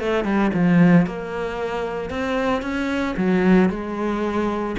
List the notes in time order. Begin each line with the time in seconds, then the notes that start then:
0.00 A3
0.24 G3
0.54 F3
1.06 A#3
2.10 C4
2.62 C#4
3.17 F#3
3.70 G#3